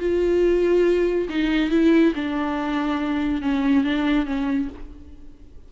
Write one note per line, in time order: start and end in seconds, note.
0.00 1.29 F4
1.30 1.71 D#4
1.71 2.14 E4
2.15 3.42 D4
3.42 3.84 C#4
3.84 4.26 D4
4.26 4.69 C#4